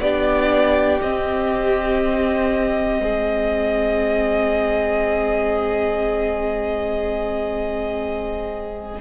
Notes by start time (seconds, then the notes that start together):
0.00 B3 D4 G4 D5
1.01 C4 D#5
3.00 G#3 G#4